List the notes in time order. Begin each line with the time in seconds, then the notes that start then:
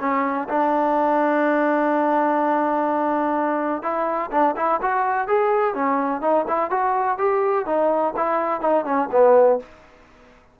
0.00 C#4
0.49 D4
3.82 E4
4.31 D4
4.57 E4
4.82 F#4
5.28 G#4
5.75 C#4
6.21 D#4
6.48 E4
6.71 F#4
7.18 G4
7.66 D#4
8.17 E4
8.61 D#4
8.85 C#4
9.12 B3